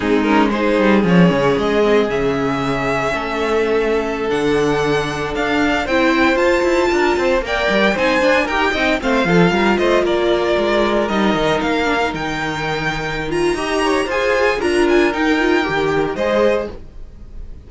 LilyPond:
<<
  \new Staff \with { instrumentName = "violin" } { \time 4/4 \tempo 4 = 115 gis'8 ais'8 c''4 cis''4 dis''4 | e''1~ | e''16 fis''2 f''4 g''8.~ | g''16 a''2 g''4 gis''8.~ |
gis''16 g''4 f''4. dis''8 d''8.~ | d''4~ d''16 dis''4 f''4 g''8.~ | g''4. ais''4. gis''4 | ais''8 gis''8 g''2 dis''4 | }
  \new Staff \with { instrumentName = "violin" } { \time 4/4 dis'4 gis'2.~ | gis'2 a'2~ | a'2.~ a'16 c''8.~ | c''4~ c''16 ais'8 c''8 d''4 c''8.~ |
c''16 ais'8 dis''8 c''8 a'8 ais'8 c''8 ais'8.~ | ais'1~ | ais'2 dis''8 cis''8 c''4 | ais'2. c''4 | }
  \new Staff \with { instrumentName = "viola" } { \time 4/4 c'8 cis'8 dis'4 cis'4. c'8 | cis'1~ | cis'16 d'2. e'8.~ | e'16 f'2 ais'4 dis'8 d'16~ |
d'16 g'8 dis'8 c'8 f'2~ f'16~ | f'4~ f'16 dis'4. d'16 dis'4~ | dis'4. f'8 g'4 gis'4 | f'4 dis'8 f'8 g'4 gis'4 | }
  \new Staff \with { instrumentName = "cello" } { \time 4/4 gis4. g8 f8 cis8 gis4 | cis2 a2~ | a16 d2 d'4 c'8.~ | c'16 f'8 e'8 d'8 c'8 ais8 g8 c'8 d'16~ |
d'16 dis'8 c'8 a8 f8 g8 a8 ais8.~ | ais16 gis4 g8 dis8 ais4 dis8.~ | dis2 dis'4 f'4 | d'4 dis'4 dis4 gis4 | }
>>